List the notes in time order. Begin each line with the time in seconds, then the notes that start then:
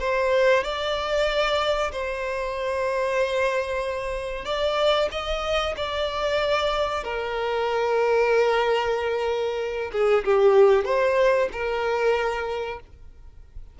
0.00 C5
0.64 D5
1.92 C5
4.45 D5
5.12 D#5
5.77 D5
7.04 A#4
9.92 G#4
10.24 G4
10.85 C5
11.52 A#4